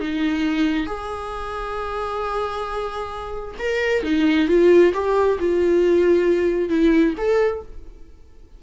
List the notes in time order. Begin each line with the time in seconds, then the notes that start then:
0.00 D#4
0.86 G#4
3.59 A#4
4.03 D#4
4.48 F4
4.94 G4
5.39 F4
6.69 E4
7.18 A4